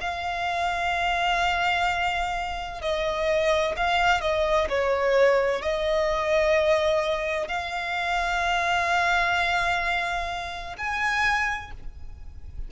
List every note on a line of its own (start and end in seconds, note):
0.00 2.81 F5
2.81 3.75 D#5
3.76 4.21 F5
4.21 4.67 D#5
4.69 5.62 C#5
5.62 7.47 D#5
7.47 10.76 F5
10.77 11.71 G#5